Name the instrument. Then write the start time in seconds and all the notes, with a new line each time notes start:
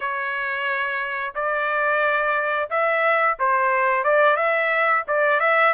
trumpet
0.00 C#5
1.35 D5
2.70 E5
3.39 C5
4.04 D5
4.36 E5
5.07 D5
5.40 E5